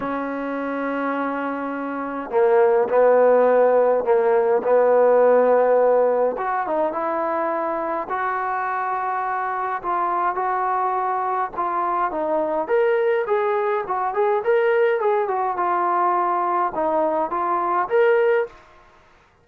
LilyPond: \new Staff \with { instrumentName = "trombone" } { \time 4/4 \tempo 4 = 104 cis'1 | ais4 b2 ais4 | b2. fis'8 dis'8 | e'2 fis'2~ |
fis'4 f'4 fis'2 | f'4 dis'4 ais'4 gis'4 | fis'8 gis'8 ais'4 gis'8 fis'8 f'4~ | f'4 dis'4 f'4 ais'4 | }